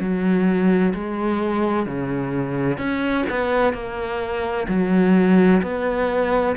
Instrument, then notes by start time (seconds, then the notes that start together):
cello
0.00 F#3
0.94 G#3
1.86 C#3
2.78 C#4
3.30 B3
3.73 A#3
4.68 F#3
5.62 B3